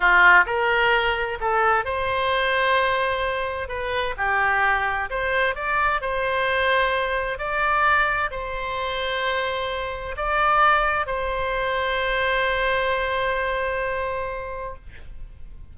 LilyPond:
\new Staff \with { instrumentName = "oboe" } { \time 4/4 \tempo 4 = 130 f'4 ais'2 a'4 | c''1 | b'4 g'2 c''4 | d''4 c''2. |
d''2 c''2~ | c''2 d''2 | c''1~ | c''1 | }